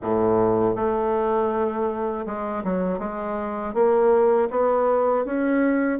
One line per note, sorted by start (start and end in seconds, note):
0.02 0.75 A2
0.75 2.25 A3
2.25 2.63 G#3
2.64 2.99 F#3
2.99 3.74 G#3
3.74 4.49 A#3
4.50 5.25 B3
5.25 5.99 C#4